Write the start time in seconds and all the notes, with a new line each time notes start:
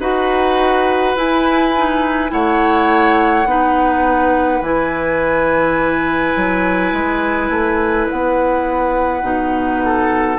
0.00 D#4 F#4 B4 F#5
1.17 E4 G#5
1.78 D#4
2.29 A3 E4 C#5 F#5
3.46 B3 D#4 B4
4.62 E3 E4 G#5
6.36 F#3
6.93 G#3
7.50 A3
8.10 B3 F#5
9.22 B2 D#4
9.85 A4